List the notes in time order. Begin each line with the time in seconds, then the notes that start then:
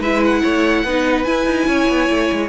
0.00 G#3 E4 B4 E5
0.24 F#5
0.42 A3 C#5
0.84 B3 D#4 B4
1.24 E4 G#5
1.46 D#4
1.67 C#4 C#5
1.89 B3
2.10 A3
2.32 G#3